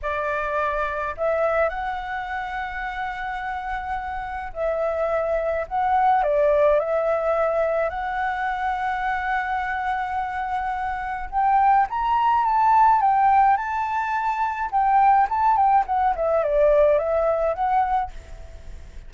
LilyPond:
\new Staff \with { instrumentName = "flute" } { \time 4/4 \tempo 4 = 106 d''2 e''4 fis''4~ | fis''1 | e''2 fis''4 d''4 | e''2 fis''2~ |
fis''1 | g''4 ais''4 a''4 g''4 | a''2 g''4 a''8 g''8 | fis''8 e''8 d''4 e''4 fis''4 | }